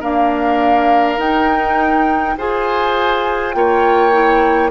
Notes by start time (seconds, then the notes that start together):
0.00 A#3 D4 A#4 F5
1.18 D#4 G5
2.38 F4 G#4 C5 G#5
3.53 A#3 F4 C#5 G5
4.12 E4